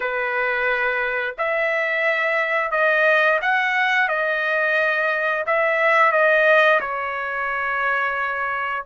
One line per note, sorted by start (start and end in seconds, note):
0.00 1.35 B4
1.38 2.71 E5
2.71 3.39 D#5
3.41 4.08 F#5
4.08 5.45 D#5
5.46 6.11 E5
6.11 6.80 D#5
6.80 8.85 C#5